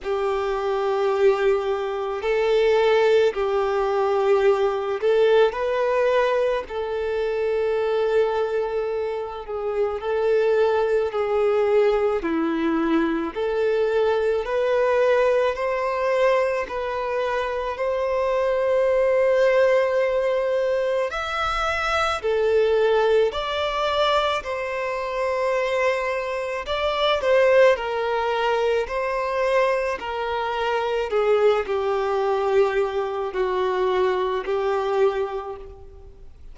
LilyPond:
\new Staff \with { instrumentName = "violin" } { \time 4/4 \tempo 4 = 54 g'2 a'4 g'4~ | g'8 a'8 b'4 a'2~ | a'8 gis'8 a'4 gis'4 e'4 | a'4 b'4 c''4 b'4 |
c''2. e''4 | a'4 d''4 c''2 | d''8 c''8 ais'4 c''4 ais'4 | gis'8 g'4. fis'4 g'4 | }